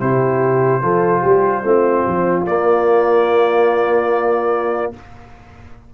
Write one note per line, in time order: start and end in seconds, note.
0.00 0.82 C3
0.00 0.82 E4
0.00 0.83 G4
0.00 2.46 C5
0.82 1.23 F3
0.82 1.64 F4
0.82 1.22 A4
1.22 1.64 G3
1.22 1.63 G4
1.64 2.05 A3
1.64 2.46 C4
1.64 4.94 F4
2.07 2.47 F3
2.46 4.93 A#3
2.46 4.94 A#3
2.46 4.93 D5